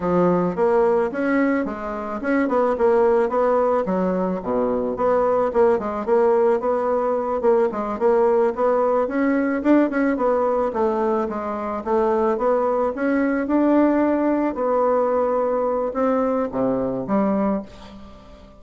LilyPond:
\new Staff \with { instrumentName = "bassoon" } { \time 4/4 \tempo 4 = 109 f4 ais4 cis'4 gis4 | cis'8 b8 ais4 b4 fis4 | b,4 b4 ais8 gis8 ais4 | b4. ais8 gis8 ais4 b8~ |
b8 cis'4 d'8 cis'8 b4 a8~ | a8 gis4 a4 b4 cis'8~ | cis'8 d'2 b4.~ | b4 c'4 c4 g4 | }